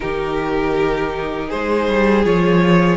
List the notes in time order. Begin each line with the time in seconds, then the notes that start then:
0.00 D#3 D#4 G4 A#4
1.48 G#3 G#4 C5
1.89 G3
2.24 F3 F4 C#5